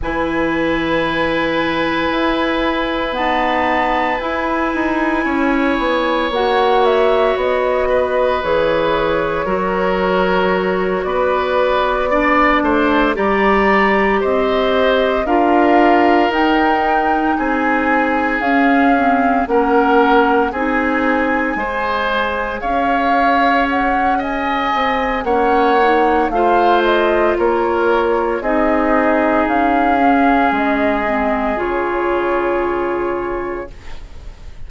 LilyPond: <<
  \new Staff \with { instrumentName = "flute" } { \time 4/4 \tempo 4 = 57 gis''2. a''4 | gis''2 fis''8 e''8 dis''4 | cis''2~ cis''8 d''4.~ | d''8 ais''4 dis''4 f''4 g''8~ |
g''8 gis''4 f''4 fis''4 gis''8~ | gis''4. f''4 fis''8 gis''4 | fis''4 f''8 dis''8 cis''4 dis''4 | f''4 dis''4 cis''2 | }
  \new Staff \with { instrumentName = "oboe" } { \time 4/4 b'1~ | b'4 cis''2~ cis''8 b'8~ | b'4 ais'4. b'4 d''8 | c''8 d''4 c''4 ais'4.~ |
ais'8 gis'2 ais'4 gis'8~ | gis'8 c''4 cis''4. dis''4 | cis''4 c''4 ais'4 gis'4~ | gis'1 | }
  \new Staff \with { instrumentName = "clarinet" } { \time 4/4 e'2. b4 | e'2 fis'2 | gis'4 fis'2~ fis'8 d'8~ | d'8 g'2 f'4 dis'8~ |
dis'4. cis'8 c'8 cis'4 dis'8~ | dis'8 gis'2.~ gis'8 | cis'8 dis'8 f'2 dis'4~ | dis'8 cis'4 c'8 f'2 | }
  \new Staff \with { instrumentName = "bassoon" } { \time 4/4 e2 e'4 dis'4 | e'8 dis'8 cis'8 b8 ais4 b4 | e4 fis4. b4. | a8 g4 c'4 d'4 dis'8~ |
dis'8 c'4 cis'4 ais4 c'8~ | c'8 gis4 cis'2 c'8 | ais4 a4 ais4 c'4 | cis'4 gis4 cis2 | }
>>